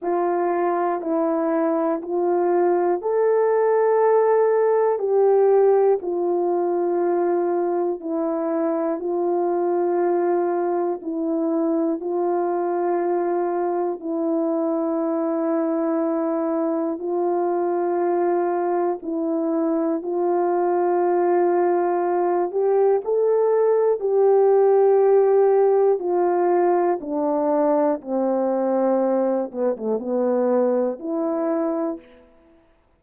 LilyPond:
\new Staff \with { instrumentName = "horn" } { \time 4/4 \tempo 4 = 60 f'4 e'4 f'4 a'4~ | a'4 g'4 f'2 | e'4 f'2 e'4 | f'2 e'2~ |
e'4 f'2 e'4 | f'2~ f'8 g'8 a'4 | g'2 f'4 d'4 | c'4. b16 a16 b4 e'4 | }